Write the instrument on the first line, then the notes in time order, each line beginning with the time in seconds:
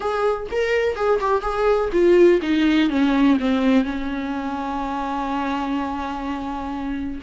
viola
0.00 G#4
0.51 A#4
0.95 G#4
1.20 G4
1.41 G#4
1.92 F4
2.42 D#4
2.89 C#4
3.39 C4
3.84 C#4